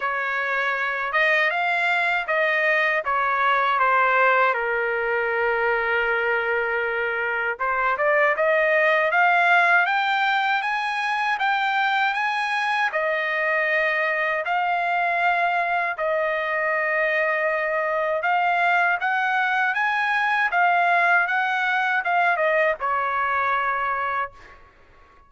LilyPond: \new Staff \with { instrumentName = "trumpet" } { \time 4/4 \tempo 4 = 79 cis''4. dis''8 f''4 dis''4 | cis''4 c''4 ais'2~ | ais'2 c''8 d''8 dis''4 | f''4 g''4 gis''4 g''4 |
gis''4 dis''2 f''4~ | f''4 dis''2. | f''4 fis''4 gis''4 f''4 | fis''4 f''8 dis''8 cis''2 | }